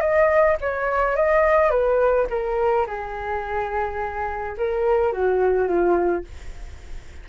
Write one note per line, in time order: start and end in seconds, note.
0.00 0.57 D#5
0.60 1.16 C#5
1.16 1.70 D#5
1.70 2.27 B4
2.30 2.86 A#4
2.86 4.56 G#4
4.57 5.12 A#4
5.12 5.67 F#4
5.67 6.24 F4